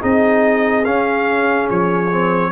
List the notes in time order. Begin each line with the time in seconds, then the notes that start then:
0.00 C4 D#4 G#4 D#5
0.84 C#4 F5
1.69 F3 C#5
2.10 C4